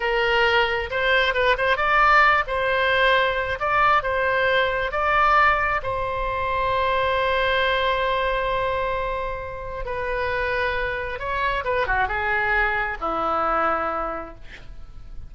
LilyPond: \new Staff \with { instrumentName = "oboe" } { \time 4/4 \tempo 4 = 134 ais'2 c''4 b'8 c''8 | d''4. c''2~ c''8 | d''4 c''2 d''4~ | d''4 c''2.~ |
c''1~ | c''2 b'2~ | b'4 cis''4 b'8 fis'8 gis'4~ | gis'4 e'2. | }